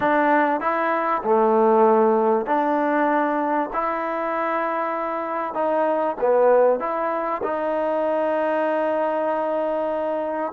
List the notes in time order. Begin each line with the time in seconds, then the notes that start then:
0.00 D4
0.60 E4
1.23 A3
2.46 D4
3.73 E4
5.54 D#4
6.20 B3
6.79 E4
7.43 D#4